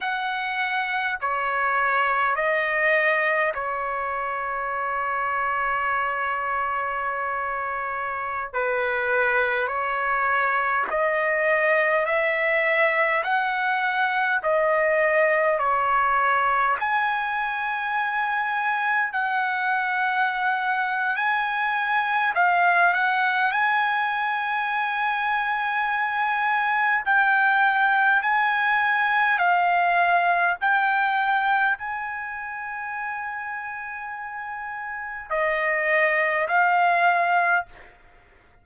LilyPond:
\new Staff \with { instrumentName = "trumpet" } { \time 4/4 \tempo 4 = 51 fis''4 cis''4 dis''4 cis''4~ | cis''2.~ cis''16 b'8.~ | b'16 cis''4 dis''4 e''4 fis''8.~ | fis''16 dis''4 cis''4 gis''4.~ gis''16~ |
gis''16 fis''4.~ fis''16 gis''4 f''8 fis''8 | gis''2. g''4 | gis''4 f''4 g''4 gis''4~ | gis''2 dis''4 f''4 | }